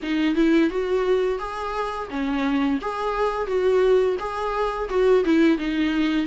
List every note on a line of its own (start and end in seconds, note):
0.02 0.35 D#4
0.35 0.70 E4
0.70 1.38 F#4
1.38 2.08 G#4
2.09 2.79 C#4
2.81 3.46 G#4
3.46 4.16 F#4
4.19 4.88 G#4
4.89 5.24 F#4
5.24 5.58 E4
5.58 6.26 D#4